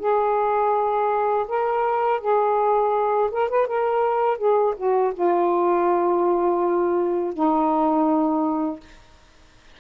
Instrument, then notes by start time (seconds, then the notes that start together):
saxophone
0.00 G#4
1.48 A#4
2.21 G#4
3.31 A#4
3.50 B4
3.68 A#4
4.38 G#4
4.77 F#4
5.14 F4
7.34 D#4